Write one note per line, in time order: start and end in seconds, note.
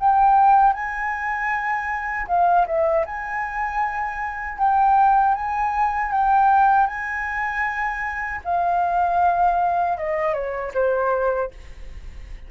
0.00 0.73 G5
0.73 2.27 G#5
2.28 2.66 F5
2.67 3.06 E5
3.06 4.58 G#5
4.58 5.35 G5
5.35 6.12 G#5
6.12 6.87 G5
6.87 8.41 G#5
8.45 9.98 F5
9.98 10.34 D#5
10.34 10.72 C#5
10.74 11.51 C5